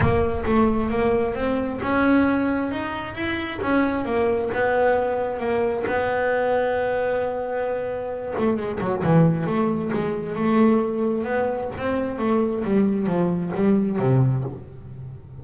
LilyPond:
\new Staff \with { instrumentName = "double bass" } { \time 4/4 \tempo 4 = 133 ais4 a4 ais4 c'4 | cis'2 dis'4 e'4 | cis'4 ais4 b2 | ais4 b2.~ |
b2~ b8 a8 gis8 fis8 | e4 a4 gis4 a4~ | a4 b4 c'4 a4 | g4 f4 g4 c4 | }